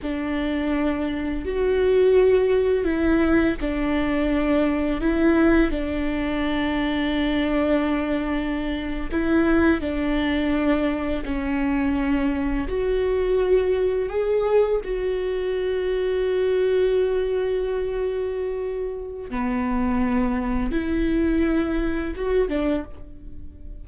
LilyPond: \new Staff \with { instrumentName = "viola" } { \time 4/4 \tempo 4 = 84 d'2 fis'2 | e'4 d'2 e'4 | d'1~ | d'8. e'4 d'2 cis'16~ |
cis'4.~ cis'16 fis'2 gis'16~ | gis'8. fis'2.~ fis'16~ | fis'2. b4~ | b4 e'2 fis'8 d'8 | }